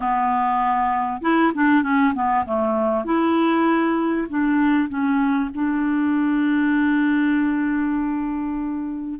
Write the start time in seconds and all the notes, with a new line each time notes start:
0.00 B3
1.21 E4
1.54 D4
1.83 C#4
2.14 B3
2.45 A3
3.04 E4
4.28 D4
4.88 C#4
5.54 D4